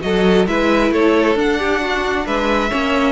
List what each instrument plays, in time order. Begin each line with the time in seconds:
0.00 cello F#3, viola F#4, violin A4 D#5
0.47 cello G#3, viola E4, violin B4 E5
0.90 cello A3, violin A4 C#5
1.35 cello D4, viola D4, violin F#5
1.59 violin G4
1.81 violin F#4
2.25 cello G#3, violin B4 E5
2.69 cello A#3, viola C#4, violin C#5